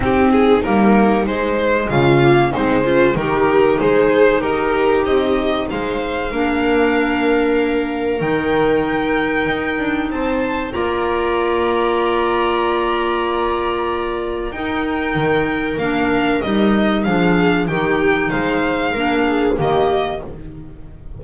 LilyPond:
<<
  \new Staff \with { instrumentName = "violin" } { \time 4/4 \tempo 4 = 95 g'8 gis'8 ais'4 c''4 f''4 | c''4 ais'4 c''4 ais'4 | dis''4 f''2.~ | f''4 g''2. |
a''4 ais''2.~ | ais''2. g''4~ | g''4 f''4 dis''4 f''4 | g''4 f''2 dis''4 | }
  \new Staff \with { instrumentName = "viola" } { \time 4/4 dis'2. f'4 | dis'8 f'8 g'4 gis'4 g'4~ | g'4 c''4 ais'2~ | ais'1 |
c''4 d''2.~ | d''2. ais'4~ | ais'2. gis'4 | g'4 c''4 ais'8 gis'8 g'4 | }
  \new Staff \with { instrumentName = "clarinet" } { \time 4/4 c'4 ais4 gis4. ais8 | c'8 cis'8 dis'2.~ | dis'2 d'2~ | d'4 dis'2.~ |
dis'4 f'2.~ | f'2. dis'4~ | dis'4 d'4 dis'4 d'4 | dis'2 d'4 ais4 | }
  \new Staff \with { instrumentName = "double bass" } { \time 4/4 c'4 g4 gis4 cis4 | gis4 dis4 gis4 dis'4 | c'4 gis4 ais2~ | ais4 dis2 dis'8 d'8 |
c'4 ais2.~ | ais2. dis'4 | dis4 ais4 g4 f4 | dis4 gis4 ais4 dis4 | }
>>